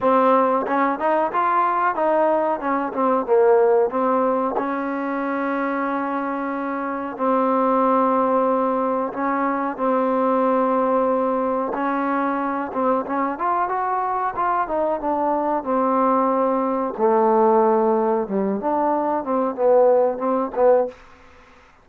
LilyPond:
\new Staff \with { instrumentName = "trombone" } { \time 4/4 \tempo 4 = 92 c'4 cis'8 dis'8 f'4 dis'4 | cis'8 c'8 ais4 c'4 cis'4~ | cis'2. c'4~ | c'2 cis'4 c'4~ |
c'2 cis'4. c'8 | cis'8 f'8 fis'4 f'8 dis'8 d'4 | c'2 a2 | g8 d'4 c'8 b4 c'8 b8 | }